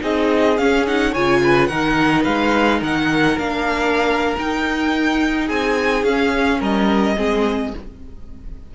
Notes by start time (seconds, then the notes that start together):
0.00 C4 D#4 G#4 D#5
0.58 C#4 F5
0.87 D#4 F#5
1.12 C#3 F4 C#5 G#5
1.43 B4
1.67 D#3 D#4 A#4 F#5
2.23 G#3 B4 F5
2.79 D#3 A#4 F#5
3.38 A#3 D4 F5
4.37 D#4 G5
5.46 C4 G#4 G#5
6.03 C#4 F5
6.59 G3 A#4 D#5
7.16 G#3 C4 G#4